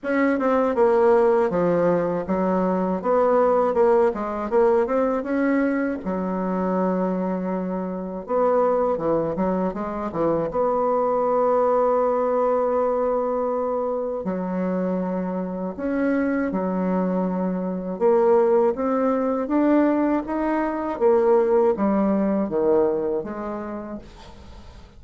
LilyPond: \new Staff \with { instrumentName = "bassoon" } { \time 4/4 \tempo 4 = 80 cis'8 c'8 ais4 f4 fis4 | b4 ais8 gis8 ais8 c'8 cis'4 | fis2. b4 | e8 fis8 gis8 e8 b2~ |
b2. fis4~ | fis4 cis'4 fis2 | ais4 c'4 d'4 dis'4 | ais4 g4 dis4 gis4 | }